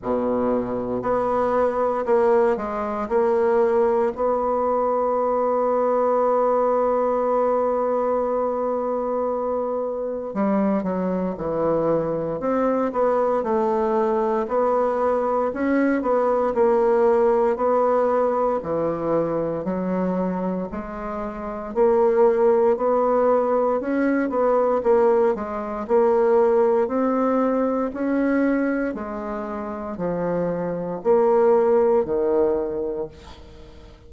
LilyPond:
\new Staff \with { instrumentName = "bassoon" } { \time 4/4 \tempo 4 = 58 b,4 b4 ais8 gis8 ais4 | b1~ | b2 g8 fis8 e4 | c'8 b8 a4 b4 cis'8 b8 |
ais4 b4 e4 fis4 | gis4 ais4 b4 cis'8 b8 | ais8 gis8 ais4 c'4 cis'4 | gis4 f4 ais4 dis4 | }